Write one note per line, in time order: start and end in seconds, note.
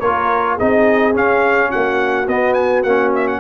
0.00 0.59 A#3
0.00 0.60 F4
0.00 0.56 A#4
0.00 0.57 C#5
0.56 1.16 C4
0.56 1.14 D#4
0.56 1.69 G#4
0.56 1.16 D#5
1.14 2.27 C#4
1.14 1.73 C#4
1.14 1.71 F5
1.70 2.28 A#3
1.70 3.40 F#4
1.70 2.28 F#5
2.28 2.84 B3
2.28 2.87 B3
2.28 2.54 D#5
2.54 2.82 G#5
2.83 3.41 A#3
2.83 3.41 C#4
2.83 3.12 F#5
3.16 3.28 E5
3.28 3.41 F#5